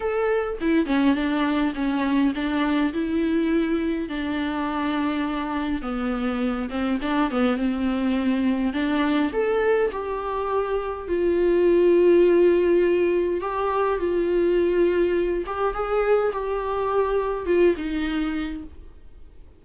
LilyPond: \new Staff \with { instrumentName = "viola" } { \time 4/4 \tempo 4 = 103 a'4 e'8 cis'8 d'4 cis'4 | d'4 e'2 d'4~ | d'2 b4. c'8 | d'8 b8 c'2 d'4 |
a'4 g'2 f'4~ | f'2. g'4 | f'2~ f'8 g'8 gis'4 | g'2 f'8 dis'4. | }